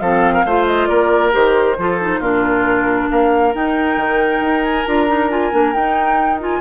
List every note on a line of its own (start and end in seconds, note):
0.00 0.45 F3
0.00 0.47 C4
0.00 0.34 A4
0.00 0.66 F5
0.34 0.45 A#4
0.45 0.89 A3
0.45 1.32 F4
0.45 0.89 C5
0.66 0.87 D#5
0.87 1.34 A#3
0.87 1.77 A#4
0.87 1.31 D5
1.32 1.78 D#3
1.32 1.76 G4
1.32 2.22 C5
1.78 2.20 F3
1.78 2.01 F4
1.78 2.20 A4
2.01 2.23 D#4
2.20 3.08 A#2
2.20 3.54 D4
2.20 3.08 F4
2.20 3.10 A#4
3.10 3.55 A#3
3.10 6.61 A#4
3.10 3.54 F5
3.54 4.86 D#4
3.54 3.97 D#4
3.54 4.64 G5
3.97 4.41 D#3
4.41 4.85 D#4
4.64 4.86 G#5
4.86 5.53 D4
4.86 5.08 F4
4.86 5.30 A#5
5.08 5.30 D#4
5.31 5.52 F4
5.31 5.74 G#5
5.52 5.75 A#3
5.52 5.74 D4
5.74 6.40 D#4
5.74 6.61 D#4
5.74 6.40 G5
6.40 6.61 F4
6.40 6.61 G#5